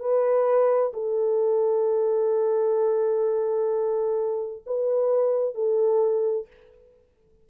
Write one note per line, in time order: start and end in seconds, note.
0.00 0.92 B4
0.94 4.63 A4
4.67 5.55 B4
5.55 6.47 A4